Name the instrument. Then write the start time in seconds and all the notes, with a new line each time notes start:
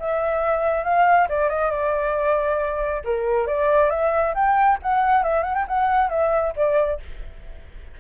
flute
0.00 E5
0.84 F5
1.29 D5
1.50 D#5
1.71 D5
3.05 A#4
3.47 D5
3.91 E5
4.35 G5
4.83 F#5
5.24 E5
5.44 F#5
5.55 G5
5.68 F#5
6.10 E5
6.57 D5